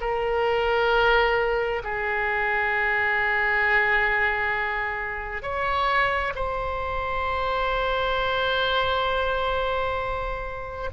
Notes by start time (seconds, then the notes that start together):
0.00 A#4
1.83 G#4
5.42 C#5
6.35 C5